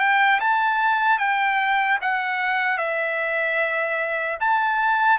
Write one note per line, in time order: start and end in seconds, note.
0.00 0.40 G5
0.41 1.19 A5
1.19 1.99 G5
2.02 2.78 F#5
2.78 4.38 E5
4.41 5.19 A5